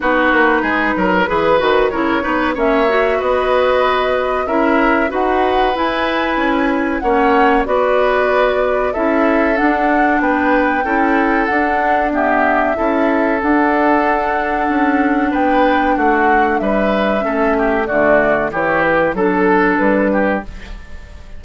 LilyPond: <<
  \new Staff \with { instrumentName = "flute" } { \time 4/4 \tempo 4 = 94 b'2. cis''4 | e''4 dis''2 e''4 | fis''4 gis''2 fis''4 | d''2 e''4 fis''4 |
g''2 fis''4 e''4~ | e''4 fis''2. | g''4 fis''4 e''2 | d''4 cis''8 b'8 a'4 b'4 | }
  \new Staff \with { instrumentName = "oboe" } { \time 4/4 fis'4 gis'8 ais'8 b'4 ais'8 b'8 | cis''4 b'2 ais'4 | b'2. cis''4 | b'2 a'2 |
b'4 a'2 g'4 | a'1 | b'4 fis'4 b'4 a'8 g'8 | fis'4 g'4 a'4. g'8 | }
  \new Staff \with { instrumentName = "clarinet" } { \time 4/4 dis'2 gis'8 fis'8 e'8 dis'8 | cis'8 fis'2~ fis'8 e'4 | fis'4 e'2 cis'4 | fis'2 e'4 d'4~ |
d'4 e'4 d'4 b4 | e'4 d'2.~ | d'2. cis'4 | a4 e'4 d'2 | }
  \new Staff \with { instrumentName = "bassoon" } { \time 4/4 b8 ais8 gis8 fis8 e8 dis8 cis8 b8 | ais4 b2 cis'4 | dis'4 e'4 cis'4 ais4 | b2 cis'4 d'4 |
b4 cis'4 d'2 | cis'4 d'2 cis'4 | b4 a4 g4 a4 | d4 e4 fis4 g4 | }
>>